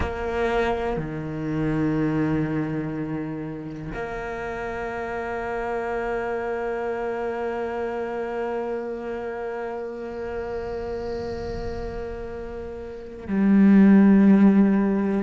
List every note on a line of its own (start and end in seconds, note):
0.00 0.96 A#3
0.96 3.91 D#3
3.93 13.27 A#3
13.27 15.23 G3